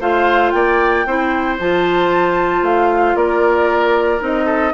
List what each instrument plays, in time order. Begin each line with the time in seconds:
0.00 bassoon A3, clarinet F4, oboe C5, flute F5
0.50 bassoon A#3, oboe D5, flute G5
1.05 bassoon C4, clarinet E4, oboe C5
1.59 bassoon F3, clarinet F4, flute A5
2.62 bassoon A3, flute F5
3.15 bassoon A#3, oboe A#4, flute D5
4.20 bassoon C4, clarinet D#4, flute D#5
4.45 oboe A4